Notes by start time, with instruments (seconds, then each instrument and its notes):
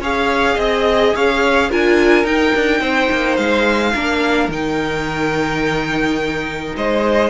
0.00 cello C#4, viola G#4, violin C#5 F5
0.55 cello C4, violin D#5
1.15 cello C#4, violin C#5 F5
1.70 cello D4, viola F4, violin A#4 G#5
2.24 viola D#4, cello D#4, violin G5
2.55 cello D4
2.80 cello C4, violin C5
3.11 cello A#3
3.36 cello G#3, violin F5
3.94 cello A#3, viola D4, violin A#4
4.48 cello D#3, viola D#4, violin G5
6.76 cello G#3, violin C5 D#5